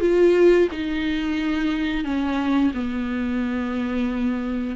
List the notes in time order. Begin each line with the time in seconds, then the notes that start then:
0.00 F4
0.71 D#4
2.04 C#4
2.74 B3